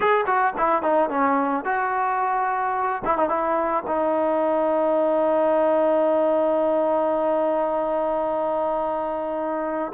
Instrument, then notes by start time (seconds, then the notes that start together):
trombone
0.00 G#4
0.26 F#4
0.57 E4
0.82 D#4
1.09 C#4
1.64 F#4
3.04 E4
3.17 D#4
3.28 E4
3.87 D#4